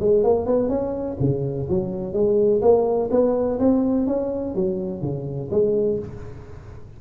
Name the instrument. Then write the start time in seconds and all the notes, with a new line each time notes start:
tuba
0.00 G#3
0.23 A#3
0.46 B3
0.69 C#4
1.20 C#3
1.69 F#3
2.13 G#3
2.62 A#3
3.10 B3
3.59 C4
4.07 C#4
4.54 F#3
5.01 C#3
5.51 G#3